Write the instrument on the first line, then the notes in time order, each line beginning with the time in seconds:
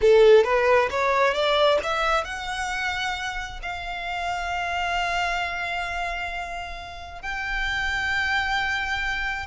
violin
0.01 A4
0.44 B4
0.90 C#5
1.33 D5
1.83 E5
2.24 F#5
3.62 F5
7.22 G5